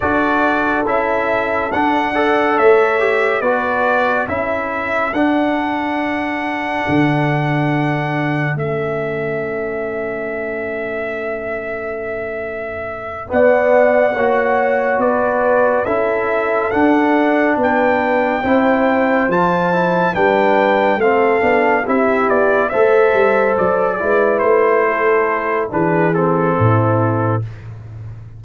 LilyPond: <<
  \new Staff \with { instrumentName = "trumpet" } { \time 4/4 \tempo 4 = 70 d''4 e''4 fis''4 e''4 | d''4 e''4 fis''2~ | fis''2 e''2~ | e''2.~ e''8 fis''8~ |
fis''4. d''4 e''4 fis''8~ | fis''8 g''2 a''4 g''8~ | g''8 f''4 e''8 d''8 e''4 d''8~ | d''8 c''4. b'8 a'4. | }
  \new Staff \with { instrumentName = "horn" } { \time 4/4 a'2~ a'8 d''8 cis''4 | b'4 a'2.~ | a'1~ | a'2.~ a'8 d''8~ |
d''8 cis''4 b'4 a'4.~ | a'8 b'4 c''2 b'8~ | b'8 a'4 g'4 c''4. | b'4 a'4 gis'4 e'4 | }
  \new Staff \with { instrumentName = "trombone" } { \time 4/4 fis'4 e'4 d'8 a'4 g'8 | fis'4 e'4 d'2~ | d'2 cis'2~ | cis'2.~ cis'8 b8~ |
b8 fis'2 e'4 d'8~ | d'4. e'4 f'8 e'8 d'8~ | d'8 c'8 d'8 e'4 a'4. | e'2 d'8 c'4. | }
  \new Staff \with { instrumentName = "tuba" } { \time 4/4 d'4 cis'4 d'4 a4 | b4 cis'4 d'2 | d2 a2~ | a2.~ a8 b8~ |
b8 ais4 b4 cis'4 d'8~ | d'8 b4 c'4 f4 g8~ | g8 a8 b8 c'8 b8 a8 g8 fis8 | gis8 a4. e4 a,4 | }
>>